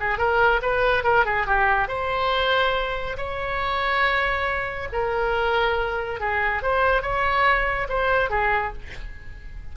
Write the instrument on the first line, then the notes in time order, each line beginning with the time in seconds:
oboe
0.00 G#4
0.18 A#4
0.62 B4
1.04 A#4
1.25 G#4
1.46 G4
1.88 C5
3.17 C#5
4.92 A#4
6.20 G#4
6.62 C5
7.02 C#5
7.89 C5
8.30 G#4